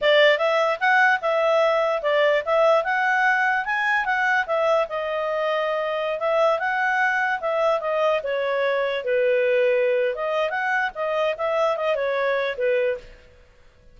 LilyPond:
\new Staff \with { instrumentName = "clarinet" } { \time 4/4 \tempo 4 = 148 d''4 e''4 fis''4 e''4~ | e''4 d''4 e''4 fis''4~ | fis''4 gis''4 fis''4 e''4 | dis''2.~ dis''16 e''8.~ |
e''16 fis''2 e''4 dis''8.~ | dis''16 cis''2 b'4.~ b'16~ | b'4 dis''4 fis''4 dis''4 | e''4 dis''8 cis''4. b'4 | }